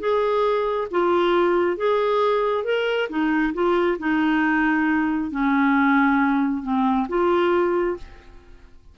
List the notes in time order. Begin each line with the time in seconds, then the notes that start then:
0.00 G#4
0.91 F4
1.77 G#4
2.65 A#4
3.09 D#4
3.54 F4
3.99 D#4
5.31 C#4
6.63 C4
7.09 F4